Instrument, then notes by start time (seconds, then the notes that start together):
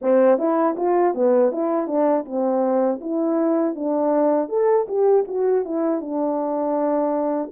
horn
0.01 C4
0.38 E4
0.77 F4
1.14 B3
1.52 E4
1.87 D4
2.25 C4
3.00 E4
3.75 D4
4.48 A4
4.88 G4
5.27 F#4
5.64 E4
6.00 D4